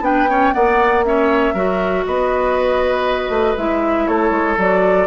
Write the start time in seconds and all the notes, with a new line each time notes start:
0.00 B3 D4 B4 G5
0.29 C#4 C#5
0.53 A#3 B3 D5 F#5
1.04 C#4 C#5 E5
1.54 F#3 F#4 A#4
2.06 B3 B4 D#5
3.29 A3
3.57 G#3 E4 E5
4.07 A3 A4 C#5
4.30 G#3
4.57 F#3 F#4 D5